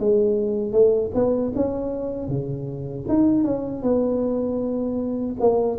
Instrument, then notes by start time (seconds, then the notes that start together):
tuba
0.00 G#3
0.73 A3
1.15 B3
1.56 C#4
2.28 C#3
3.09 D#4
3.44 C#4
3.83 B3
5.41 A#3